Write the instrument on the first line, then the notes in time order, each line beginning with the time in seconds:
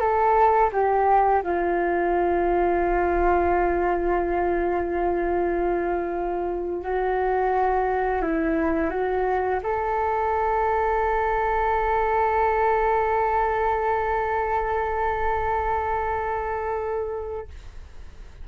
flute
0.00 A4
0.72 G4
1.43 F4
6.82 F#4
8.22 E4
8.90 F#4
9.63 A4